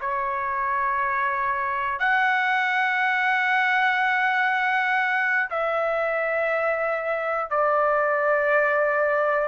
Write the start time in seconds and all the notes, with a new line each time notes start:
0.00 C#5
1.99 F#5
5.50 E5
7.50 D5